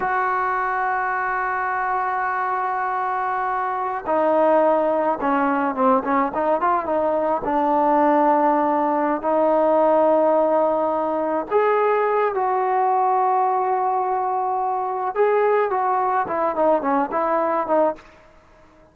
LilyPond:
\new Staff \with { instrumentName = "trombone" } { \time 4/4 \tempo 4 = 107 fis'1~ | fis'2.~ fis'16 dis'8.~ | dis'4~ dis'16 cis'4 c'8 cis'8 dis'8 f'16~ | f'16 dis'4 d'2~ d'8.~ |
d'8 dis'2.~ dis'8~ | dis'8 gis'4. fis'2~ | fis'2. gis'4 | fis'4 e'8 dis'8 cis'8 e'4 dis'8 | }